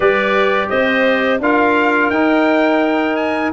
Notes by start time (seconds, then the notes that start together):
0.00 G3 G4 B4 D5
0.69 C4 C5 D#5
1.39 D4 F4 A#4 F5
2.10 D#4 G5
3.16 G#5